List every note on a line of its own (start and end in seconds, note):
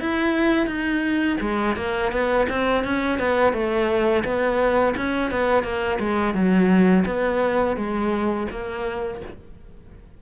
0.00 0.66 E4
0.66 1.37 D#4
1.41 1.76 G#3
1.76 2.11 A#3
2.11 2.47 B3
2.49 2.84 C4
2.84 3.19 C#4
3.19 3.53 B3
3.53 4.24 A3
4.24 4.94 B3
4.96 5.31 C#4
5.31 5.63 B3
5.63 5.98 A#3
5.99 6.34 G#3
6.34 7.04 F#3
7.06 7.76 B3
7.76 8.47 G#3
8.51 9.21 A#3